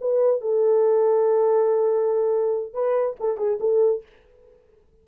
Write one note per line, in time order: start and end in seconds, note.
0.00 0.41 B4
0.41 2.73 A4
2.73 3.16 B4
3.19 3.37 A4
3.37 3.58 G#4
3.60 4.02 A4